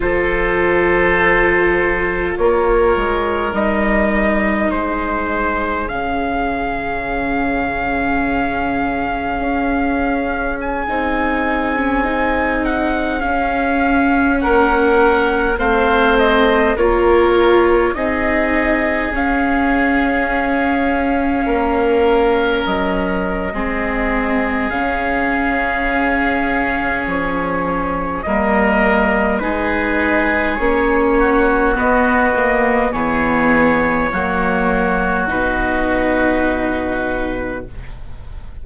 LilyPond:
<<
  \new Staff \with { instrumentName = "trumpet" } { \time 4/4 \tempo 4 = 51 c''2 cis''4 dis''4 | c''4 f''2.~ | f''4 gis''4.~ gis''16 fis''8 f''8.~ | f''16 fis''4 f''8 dis''8 cis''4 dis''8.~ |
dis''16 f''2. dis''8.~ | dis''4 f''2 cis''4 | dis''4 b'4 cis''4 dis''4 | cis''2 b'2 | }
  \new Staff \with { instrumentName = "oboe" } { \time 4/4 a'2 ais'2 | gis'1~ | gis'1~ | gis'16 ais'4 c''4 ais'4 gis'8.~ |
gis'2~ gis'16 ais'4.~ ais'16 | gis'1 | ais'4 gis'4. fis'4. | gis'4 fis'2. | }
  \new Staff \with { instrumentName = "viola" } { \time 4/4 f'2. dis'4~ | dis'4 cis'2.~ | cis'4~ cis'16 dis'8. cis'16 dis'4 cis'8.~ | cis'4~ cis'16 c'4 f'4 dis'8.~ |
dis'16 cis'2.~ cis'8. | c'4 cis'2. | ais4 dis'4 cis'4 b8 ais8 | b4 ais4 dis'2 | }
  \new Staff \with { instrumentName = "bassoon" } { \time 4/4 f2 ais8 gis8 g4 | gis4 cis2. | cis'4~ cis'16 c'2 cis'8.~ | cis'16 ais4 a4 ais4 c'8.~ |
c'16 cis'2 ais4 fis8. | gis4 cis2 f4 | g4 gis4 ais4 b4 | e4 fis4 b,2 | }
>>